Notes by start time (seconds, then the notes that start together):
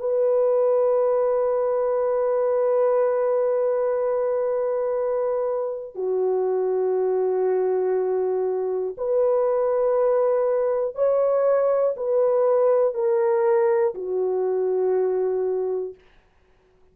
0.00 B4
5.95 F#4
8.98 B4
10.95 C#5
11.97 B4
12.95 A#4
13.95 F#4